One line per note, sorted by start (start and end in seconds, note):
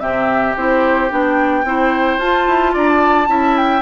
0.00 0.56 C3
0.00 0.55 C4
0.00 1.66 G4
0.00 0.55 E5
0.56 1.11 C4
0.56 1.10 E4
0.56 1.11 C5
1.10 1.64 B3
1.10 1.64 D4
1.10 2.20 G5
1.64 2.18 C4
1.64 2.20 E4
1.64 2.73 C5
2.18 2.45 F4
2.18 3.27 F4
2.18 2.74 A5
2.47 2.75 E4
2.73 3.28 D4
2.73 3.28 D5
2.73 2.89 A#5
2.89 3.57 A5
3.27 3.81 C#4
3.27 3.81 E4
3.27 3.81 E5
3.57 3.81 G5